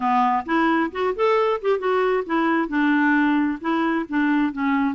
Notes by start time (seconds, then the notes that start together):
0.00 B3
0.45 E4
0.91 F#4
1.15 A4
1.61 G4
1.79 F#4
2.26 E4
2.68 D4
3.60 E4
4.08 D4
4.52 C#4